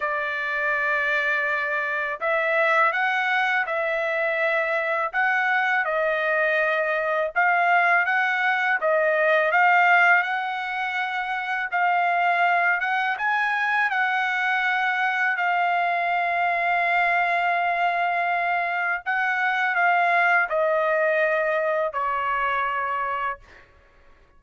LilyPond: \new Staff \with { instrumentName = "trumpet" } { \time 4/4 \tempo 4 = 82 d''2. e''4 | fis''4 e''2 fis''4 | dis''2 f''4 fis''4 | dis''4 f''4 fis''2 |
f''4. fis''8 gis''4 fis''4~ | fis''4 f''2.~ | f''2 fis''4 f''4 | dis''2 cis''2 | }